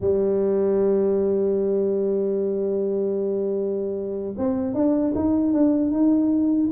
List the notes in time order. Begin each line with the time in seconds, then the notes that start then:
0.00 G3
4.37 C4
4.74 D4
5.15 D#4
5.53 D4
5.91 D#4